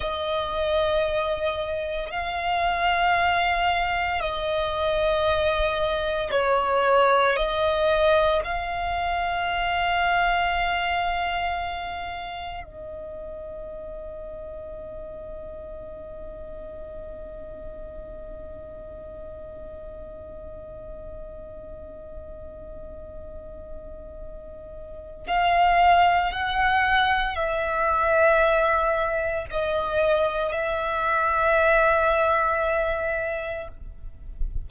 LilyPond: \new Staff \with { instrumentName = "violin" } { \time 4/4 \tempo 4 = 57 dis''2 f''2 | dis''2 cis''4 dis''4 | f''1 | dis''1~ |
dis''1~ | dis''1 | f''4 fis''4 e''2 | dis''4 e''2. | }